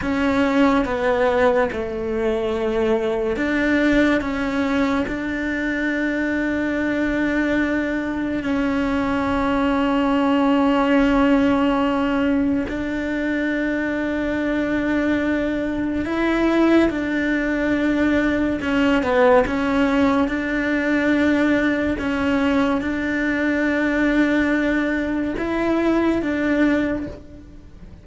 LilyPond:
\new Staff \with { instrumentName = "cello" } { \time 4/4 \tempo 4 = 71 cis'4 b4 a2 | d'4 cis'4 d'2~ | d'2 cis'2~ | cis'2. d'4~ |
d'2. e'4 | d'2 cis'8 b8 cis'4 | d'2 cis'4 d'4~ | d'2 e'4 d'4 | }